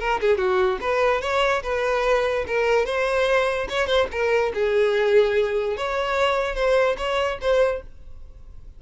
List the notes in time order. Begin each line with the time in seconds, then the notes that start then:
0.00 A#4
0.21 G#4
0.38 F#4
0.81 B4
1.21 C#5
1.63 B4
2.47 A#4
2.86 C5
3.69 C#5
3.87 C5
4.12 A#4
4.54 G#4
5.77 C#5
6.55 C5
6.98 C#5
7.41 C5